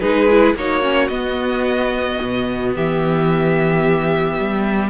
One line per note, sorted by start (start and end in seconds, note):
0.00 0.54 G#3
0.00 0.28 D#4
0.00 0.56 G#4
0.00 0.55 B4
0.30 0.57 E4
0.54 1.09 A#3
0.54 0.82 D#4
0.54 2.74 F#4
0.54 1.08 C#5
0.82 1.09 C#4
1.08 2.18 B3
1.08 4.90 B3
1.08 2.72 D#5
2.21 2.76 B2
2.74 4.38 E3
2.74 4.90 G4
2.74 4.90 E5
4.38 4.90 G3